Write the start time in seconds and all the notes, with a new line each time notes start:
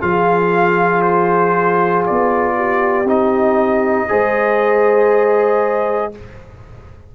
0.00 F3 F4 G#4 F5
1.01 C5
2.06 B3 D5
2.56 G4
3.04 C4 D#4 D#5
4.08 G#3 G#4 C5